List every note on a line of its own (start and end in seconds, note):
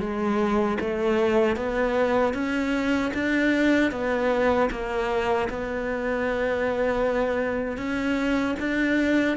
0.00 0.78 G#3
0.80 1.56 A3
1.56 2.34 B3
2.34 3.12 C#4
3.14 3.91 D4
3.91 4.69 B3
4.71 5.49 A#3
5.49 7.77 B3
7.77 8.55 C#4
8.59 9.37 D4